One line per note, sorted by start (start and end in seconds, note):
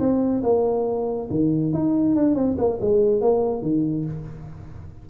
0.00 0.43 C4
0.44 1.30 A#3
1.31 1.74 D#3
1.74 2.16 D#4
2.16 2.36 D4
2.36 2.57 C4
2.58 2.80 A#3
2.81 3.22 G#3
3.22 3.63 A#3
3.63 4.05 D#3